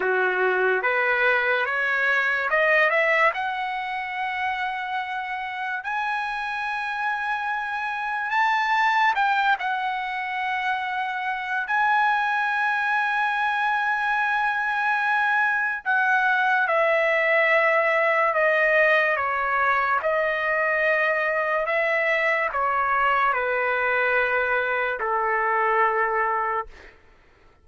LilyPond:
\new Staff \with { instrumentName = "trumpet" } { \time 4/4 \tempo 4 = 72 fis'4 b'4 cis''4 dis''8 e''8 | fis''2. gis''4~ | gis''2 a''4 g''8 fis''8~ | fis''2 gis''2~ |
gis''2. fis''4 | e''2 dis''4 cis''4 | dis''2 e''4 cis''4 | b'2 a'2 | }